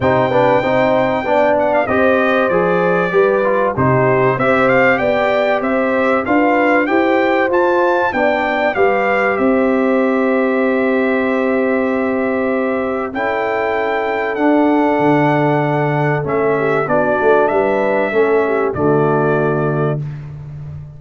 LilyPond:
<<
  \new Staff \with { instrumentName = "trumpet" } { \time 4/4 \tempo 4 = 96 g''2~ g''8 fis''16 f''16 dis''4 | d''2 c''4 e''8 f''8 | g''4 e''4 f''4 g''4 | a''4 g''4 f''4 e''4~ |
e''1~ | e''4 g''2 fis''4~ | fis''2 e''4 d''4 | e''2 d''2 | }
  \new Staff \with { instrumentName = "horn" } { \time 4/4 c''8 b'8 c''4 d''4 c''4~ | c''4 b'4 g'4 c''4 | d''4 c''4 b'4 c''4~ | c''4 d''4 b'4 c''4~ |
c''1~ | c''4 a'2.~ | a'2~ a'8 g'8 fis'4 | b'4 a'8 g'8 fis'2 | }
  \new Staff \with { instrumentName = "trombone" } { \time 4/4 dis'8 d'8 dis'4 d'4 g'4 | gis'4 g'8 f'8 dis'4 g'4~ | g'2 f'4 g'4 | f'4 d'4 g'2~ |
g'1~ | g'4 e'2 d'4~ | d'2 cis'4 d'4~ | d'4 cis'4 a2 | }
  \new Staff \with { instrumentName = "tuba" } { \time 4/4 c4 c'4 b4 c'4 | f4 g4 c4 c'4 | b4 c'4 d'4 e'4 | f'4 b4 g4 c'4~ |
c'1~ | c'4 cis'2 d'4 | d2 a4 b8 a8 | g4 a4 d2 | }
>>